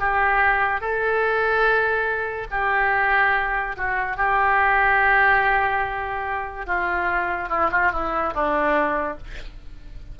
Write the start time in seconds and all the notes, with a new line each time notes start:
0.00 G4
0.81 A4
2.51 G4
3.77 F#4
4.17 G4
6.67 F4
7.50 E4
7.72 F4
7.92 E4
8.34 D4